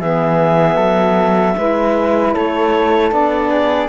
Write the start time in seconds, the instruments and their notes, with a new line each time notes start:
0.00 cello E3, saxophone B3, flute G#4, clarinet E5
0.76 cello F#3, flute A4
1.57 cello G#3, saxophone E4, flute B4
2.33 cello A3, flute A4, clarinet C#5
3.11 cello B3, saxophone D4, clarinet D5
3.50 flute G#4